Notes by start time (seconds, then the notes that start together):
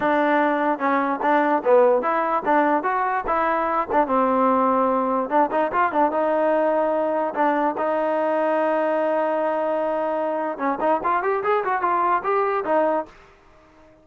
0.00 D4
0.78 C#4
1.22 D4
1.64 B3
2.02 E4
2.45 D4
2.83 F#4
3.26 E4
3.91 D4
4.07 C4
5.29 D4
5.51 D#4
5.72 F4
5.91 D4
6.11 D#4
7.34 D4
7.77 D#4
10.58 C#4
10.80 D#4
11.03 F4
11.22 G4
11.43 G#4
11.64 F#4
11.81 F4
12.23 G4
12.65 D#4